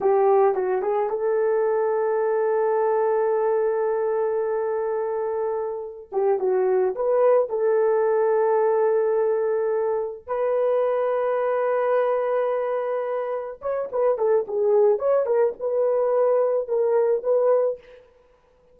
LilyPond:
\new Staff \with { instrumentName = "horn" } { \time 4/4 \tempo 4 = 108 g'4 fis'8 gis'8 a'2~ | a'1~ | a'2. g'8 fis'8~ | fis'8 b'4 a'2~ a'8~ |
a'2~ a'8 b'4.~ | b'1~ | b'8 cis''8 b'8 a'8 gis'4 cis''8 ais'8 | b'2 ais'4 b'4 | }